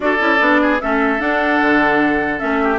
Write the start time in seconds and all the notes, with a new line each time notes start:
0.00 D4 F#4 A4 D5
0.18 C#4 E4
0.39 B3 D4
0.61 G#4
0.80 A3 C#4 A4 E5
1.18 D4 F#5
1.61 D3
2.38 A3 C#4 E5
2.62 G4